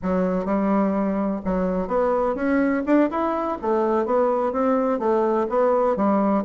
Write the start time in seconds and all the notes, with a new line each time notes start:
0.02 F#3
0.45 G3
1.44 F#3
1.87 B3
2.35 C#4
2.85 D4
3.10 E4
3.61 A3
4.05 B3
4.52 C4
4.99 A3
5.49 B3
5.96 G3